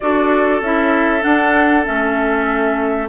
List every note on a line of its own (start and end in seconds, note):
0.00 0.61 D4
0.00 0.63 F#4
0.00 3.09 A4
0.00 0.61 D5
0.61 1.22 C#4
0.61 1.20 E4
0.61 1.22 E5
1.20 1.82 D4
1.20 1.86 D4
1.20 1.84 F#5
1.84 3.09 A3
1.84 3.07 C#4
1.84 3.09 E5